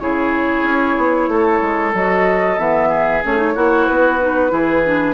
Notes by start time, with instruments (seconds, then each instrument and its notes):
0.00 bassoon C#3, clarinet E4, oboe G#4, flute C#5
0.63 bassoon C#4
0.98 bassoon B3
1.28 bassoon A3, oboe A4
1.62 bassoon G#3
1.94 bassoon F#3, clarinet F#4, flute D#5
2.58 bassoon E3, clarinet B3, flute E5
2.89 oboe G#4
3.24 bassoon A3, clarinet C#4, flute C#5
3.37 clarinet D#4
3.55 bassoon A#3, clarinet E4, oboe F#4
3.87 bassoon B3, flute B4
4.21 clarinet D#4
4.50 bassoon E3, clarinet E4, oboe G#4
4.86 clarinet D4